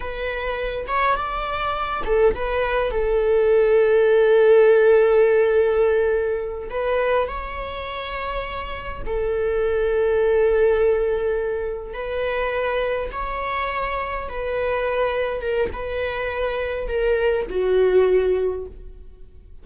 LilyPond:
\new Staff \with { instrumentName = "viola" } { \time 4/4 \tempo 4 = 103 b'4. cis''8 d''4. a'8 | b'4 a'2.~ | a'2.~ a'8 b'8~ | b'8 cis''2. a'8~ |
a'1~ | a'8 b'2 cis''4.~ | cis''8 b'2 ais'8 b'4~ | b'4 ais'4 fis'2 | }